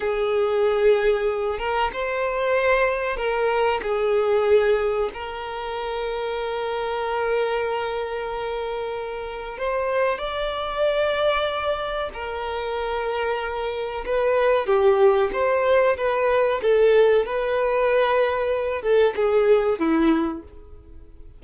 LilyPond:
\new Staff \with { instrumentName = "violin" } { \time 4/4 \tempo 4 = 94 gis'2~ gis'8 ais'8 c''4~ | c''4 ais'4 gis'2 | ais'1~ | ais'2. c''4 |
d''2. ais'4~ | ais'2 b'4 g'4 | c''4 b'4 a'4 b'4~ | b'4. a'8 gis'4 e'4 | }